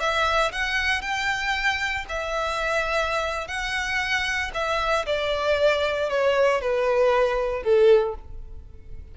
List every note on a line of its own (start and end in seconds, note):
0.00 0.52 E5
0.52 1.02 F#5
1.02 2.05 G5
2.09 3.48 E5
3.48 4.51 F#5
4.54 5.06 E5
5.06 6.10 D5
6.10 6.62 C#5
6.62 7.63 B4
7.63 8.15 A4